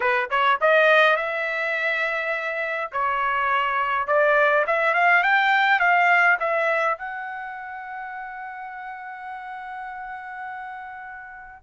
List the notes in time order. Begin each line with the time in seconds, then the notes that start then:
0.00 B4
0.29 C#5
0.60 D#5
1.16 E5
2.92 C#5
4.07 D5
4.67 E5
4.94 F5
5.23 G5
5.79 F5
6.39 E5
6.97 F#5